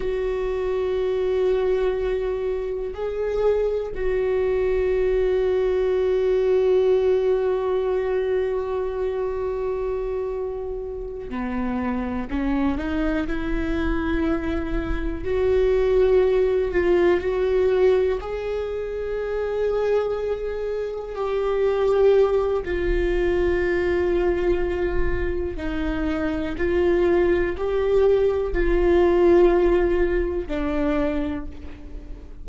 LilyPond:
\new Staff \with { instrumentName = "viola" } { \time 4/4 \tempo 4 = 61 fis'2. gis'4 | fis'1~ | fis'2.~ fis'8 b8~ | b8 cis'8 dis'8 e'2 fis'8~ |
fis'4 f'8 fis'4 gis'4.~ | gis'4. g'4. f'4~ | f'2 dis'4 f'4 | g'4 f'2 d'4 | }